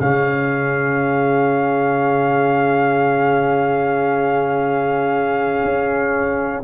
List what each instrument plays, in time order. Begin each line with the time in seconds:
0.00 tuba C#3, trombone C#4, horn G#4, trumpet F5
5.64 tuba C#4